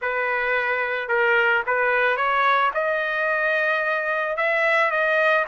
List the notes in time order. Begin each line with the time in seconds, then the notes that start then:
0.01 B4
1.08 A#4
1.66 B4
2.16 C#5
2.73 D#5
4.36 E5
4.90 D#5